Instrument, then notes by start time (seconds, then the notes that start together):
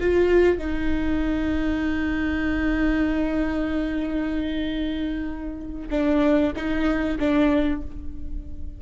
viola
0.00 F4
0.58 D#4
5.90 D4
6.56 D#4
7.19 D4